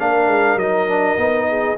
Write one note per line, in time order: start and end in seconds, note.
0.00 0.27 A#3
0.00 0.60 D4
0.00 1.49 A#4
0.00 0.59 F5
0.27 0.56 G#3
0.56 1.15 F#3
0.56 0.89 D#4
0.56 1.78 D#5
0.89 1.17 D4
1.17 1.77 B3
1.17 1.77 D#4
1.49 1.78 G#4